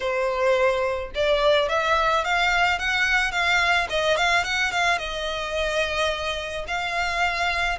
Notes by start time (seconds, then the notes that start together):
0.00 C5
1.14 D5
1.68 E5
2.24 F5
2.78 F#5
3.31 F5
3.89 D#5
4.16 F5
4.44 F#5
4.71 F5
4.98 D#5
6.67 F5